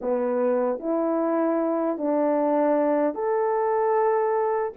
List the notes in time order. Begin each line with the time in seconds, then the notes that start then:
0.01 B3
0.79 E4
1.97 D4
3.14 A4